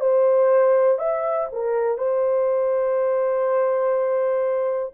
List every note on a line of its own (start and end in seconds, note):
0.00 0.98 C5
0.98 1.48 E5
1.52 1.98 A#4
1.98 4.93 C5